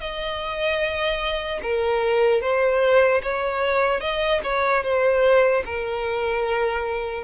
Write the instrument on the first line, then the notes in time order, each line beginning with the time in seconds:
violin
0.00 D#5
1.62 A#4
2.41 C5
3.23 C#5
4.01 D#5
4.43 C#5
4.83 C5
5.65 A#4